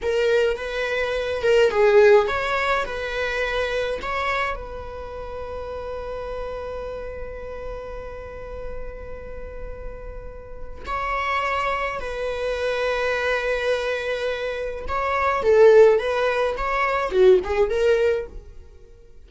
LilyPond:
\new Staff \with { instrumentName = "viola" } { \time 4/4 \tempo 4 = 105 ais'4 b'4. ais'8 gis'4 | cis''4 b'2 cis''4 | b'1~ | b'1~ |
b'2. cis''4~ | cis''4 b'2.~ | b'2 cis''4 a'4 | b'4 cis''4 fis'8 gis'8 ais'4 | }